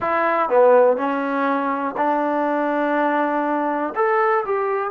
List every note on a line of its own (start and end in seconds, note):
0.00 0.49 E4
0.49 0.97 B3
0.97 1.95 C#4
1.97 3.93 D4
3.95 4.44 A4
4.45 4.90 G4